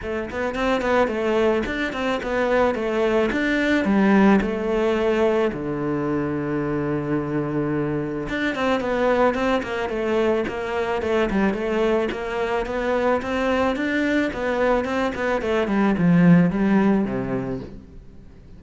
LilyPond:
\new Staff \with { instrumentName = "cello" } { \time 4/4 \tempo 4 = 109 a8 b8 c'8 b8 a4 d'8 c'8 | b4 a4 d'4 g4 | a2 d2~ | d2. d'8 c'8 |
b4 c'8 ais8 a4 ais4 | a8 g8 a4 ais4 b4 | c'4 d'4 b4 c'8 b8 | a8 g8 f4 g4 c4 | }